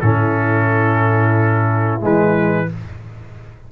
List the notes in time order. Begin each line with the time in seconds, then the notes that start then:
0.00 A2 C#4 E4 A4
2.00 E3 G#3 B4